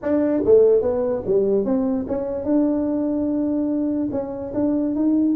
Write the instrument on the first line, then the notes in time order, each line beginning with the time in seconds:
tuba
0.02 D4
0.45 A3
0.81 B3
1.25 G3
1.64 C4
2.07 C#4
2.44 D4
4.11 C#4
4.54 D4
4.95 D#4